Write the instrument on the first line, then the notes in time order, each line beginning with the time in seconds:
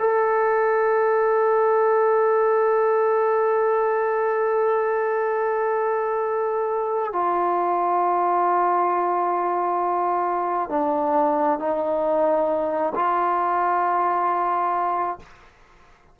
trombone
0.00 A4
7.13 F4
10.70 D4
11.59 D#4
12.96 F4